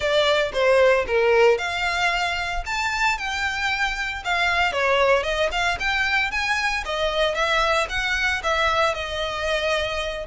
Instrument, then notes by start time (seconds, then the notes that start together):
violin
0.00 D5
0.53 C5
1.07 A#4
1.58 F5
2.66 A5
3.17 G5
4.24 F5
4.72 C#5
5.23 D#5
5.51 F5
5.79 G5
6.31 G#5
6.85 D#5
7.34 E5
7.89 F#5
8.43 E5
8.94 D#5